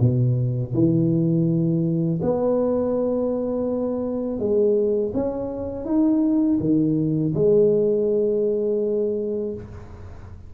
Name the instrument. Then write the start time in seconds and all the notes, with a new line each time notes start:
tuba
0.00 B2
0.74 E3
2.22 B3
4.39 G#3
5.14 C#4
5.85 D#4
6.60 D#3
7.34 G#3